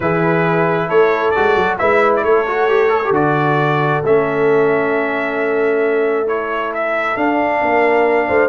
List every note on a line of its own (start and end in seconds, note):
0.00 0.88 E3
0.00 1.35 E4
0.00 0.87 G#4
0.00 0.89 B4
0.87 1.33 A3
0.87 1.77 A4
0.87 1.31 C#5
1.31 1.78 F#4
1.31 1.75 D5
1.37 1.56 G#3
1.56 1.78 F#3
1.78 2.23 G#3
1.78 2.46 E4
1.78 2.23 B4
1.78 2.12 E5
2.16 2.24 D5
2.23 3.10 A3
2.23 7.61 A4
2.23 3.13 C#5
2.47 2.69 F#4
2.69 2.89 G4
2.89 3.00 A4
3.04 3.13 G4
3.10 4.00 D3
3.10 4.03 F#4
3.10 4.03 D5
4.03 7.16 A3
4.03 6.26 C#4
4.03 6.27 E5
6.26 7.15 E4
6.26 6.72 C#5
6.74 7.16 E5
7.16 8.49 D4
7.16 7.61 D4
7.16 8.49 F5
7.61 8.28 A#3
7.61 8.28 A#4
8.28 8.49 A3
8.28 8.49 C5